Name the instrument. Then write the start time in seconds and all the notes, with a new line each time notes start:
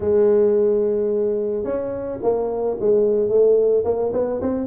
tuba
0.00 G#3
1.63 C#4
2.22 A#3
2.80 G#3
3.29 A3
3.84 A#3
4.12 B3
4.41 C4